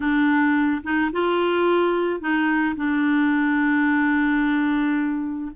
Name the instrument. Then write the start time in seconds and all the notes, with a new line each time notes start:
clarinet
0.00 D4
0.83 D#4
1.12 F4
2.20 D#4
2.75 D4